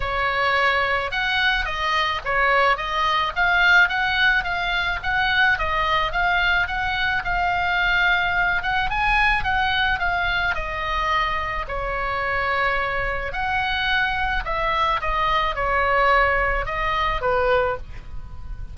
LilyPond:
\new Staff \with { instrumentName = "oboe" } { \time 4/4 \tempo 4 = 108 cis''2 fis''4 dis''4 | cis''4 dis''4 f''4 fis''4 | f''4 fis''4 dis''4 f''4 | fis''4 f''2~ f''8 fis''8 |
gis''4 fis''4 f''4 dis''4~ | dis''4 cis''2. | fis''2 e''4 dis''4 | cis''2 dis''4 b'4 | }